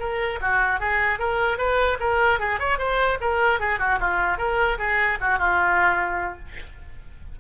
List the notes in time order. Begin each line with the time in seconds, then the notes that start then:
0.00 A#4
0.42 F#4
0.80 G#4
1.19 A#4
1.58 B4
2.00 A#4
2.40 G#4
2.60 C#5
2.79 C5
3.21 A#4
3.60 G#4
3.79 F#4
4.00 F4
4.38 A#4
4.79 G#4
5.21 F#4
5.39 F4